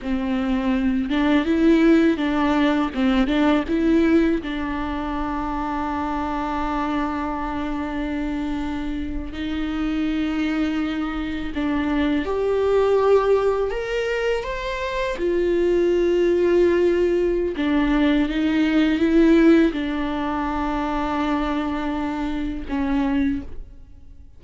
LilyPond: \new Staff \with { instrumentName = "viola" } { \time 4/4 \tempo 4 = 82 c'4. d'8 e'4 d'4 | c'8 d'8 e'4 d'2~ | d'1~ | d'8. dis'2. d'16~ |
d'8. g'2 ais'4 c''16~ | c''8. f'2.~ f'16 | d'4 dis'4 e'4 d'4~ | d'2. cis'4 | }